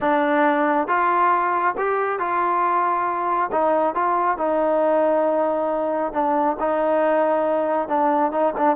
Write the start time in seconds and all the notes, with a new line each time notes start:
0.00 D4
0.87 F4
1.77 G4
2.19 F4
3.52 D#4
3.94 F4
4.37 D#4
6.12 D4
6.59 D#4
7.88 D4
8.31 D#4
8.57 D4